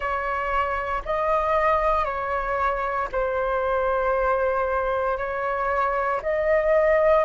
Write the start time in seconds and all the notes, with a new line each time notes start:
0.00 C#5
1.05 D#5
2.04 C#5
3.11 C5
5.17 C#5
6.22 D#5